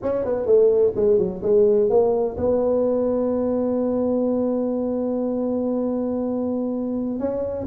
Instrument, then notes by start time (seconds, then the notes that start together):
tuba
0.02 C#4
0.24 B3
0.46 A3
0.95 G#3
1.18 F#3
1.42 G#3
1.89 A#3
2.37 B3
7.19 C#4